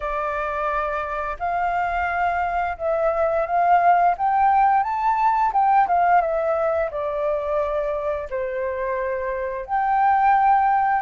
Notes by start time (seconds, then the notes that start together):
0.00 D5
1.39 F5
2.77 E5
3.46 F5
4.17 G5
4.83 A5
5.52 G5
5.87 F5
6.21 E5
6.90 D5
8.29 C5
9.66 G5